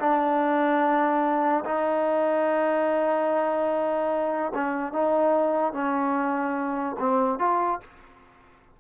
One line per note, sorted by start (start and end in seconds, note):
0.00 1.64 D4
1.65 4.53 D#4
4.55 4.93 C#4
4.93 5.73 D#4
5.73 6.97 C#4
6.99 7.40 C4
7.40 7.81 F4